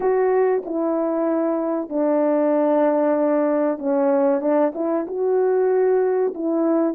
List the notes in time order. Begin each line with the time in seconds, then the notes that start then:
0.00 F#4
0.65 E4
1.89 D4
3.78 C#4
4.40 D4
4.74 E4
5.07 F#4
6.34 E4